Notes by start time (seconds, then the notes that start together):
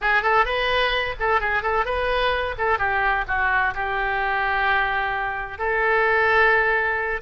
0.01 G#4
0.22 A4
0.45 B4
1.19 A4
1.40 G#4
1.62 A4
1.85 B4
2.58 A4
2.78 G4
3.27 F#4
3.74 G4
5.58 A4